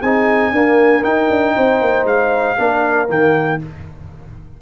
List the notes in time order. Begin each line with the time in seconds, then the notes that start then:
0.00 C4 D#4 G#4 G#5
0.52 A#3 D4 A#4
1.03 D#4 G5
1.30 D4
1.55 C4 C5
1.81 A#3
2.04 G#3 F5
2.57 A#3 D4 A#4
3.08 D#3 A#3 G5